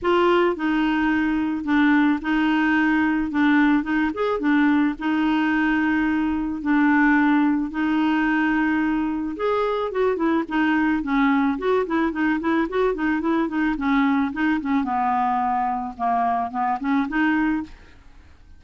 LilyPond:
\new Staff \with { instrumentName = "clarinet" } { \time 4/4 \tempo 4 = 109 f'4 dis'2 d'4 | dis'2 d'4 dis'8 gis'8 | d'4 dis'2. | d'2 dis'2~ |
dis'4 gis'4 fis'8 e'8 dis'4 | cis'4 fis'8 e'8 dis'8 e'8 fis'8 dis'8 | e'8 dis'8 cis'4 dis'8 cis'8 b4~ | b4 ais4 b8 cis'8 dis'4 | }